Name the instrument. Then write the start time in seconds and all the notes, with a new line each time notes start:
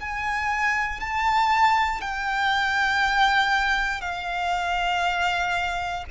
violin
0.00 G#5
1.00 A5
2.01 G5
4.01 F5